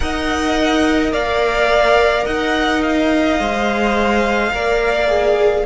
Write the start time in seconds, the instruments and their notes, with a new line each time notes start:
0.00 cello D#4, viola A#4, violin D#5 F#5
1.12 cello A#3, violin D5 F5
2.25 cello D#4, violin D#5 F#5
2.82 violin F5
3.39 cello G#3, viola C5
4.53 cello A#3, viola A#4, violin D5
5.08 viola G#4